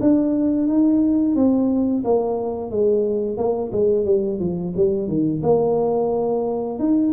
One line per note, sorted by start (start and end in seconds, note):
0.00 0.67 D4
0.67 1.35 D#4
1.35 2.03 C4
2.04 2.70 A#3
2.70 3.37 G#3
3.37 3.71 A#3
3.72 4.05 G#3
4.05 4.39 G3
4.39 4.73 F3
4.76 5.07 G3
5.07 5.41 D#3
5.42 6.79 A#3
6.79 7.12 D#4